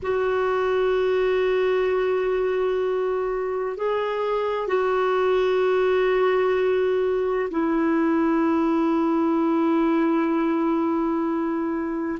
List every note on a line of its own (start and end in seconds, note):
0.02 3.76 F#4
3.76 4.67 G#4
4.67 7.49 F#4
7.50 12.19 E4